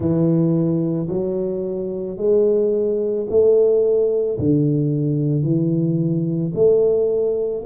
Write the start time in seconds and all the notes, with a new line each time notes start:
0.00 E3
1.08 F#3
2.17 G#3
3.29 A3
4.38 D3
5.43 E3
6.55 A3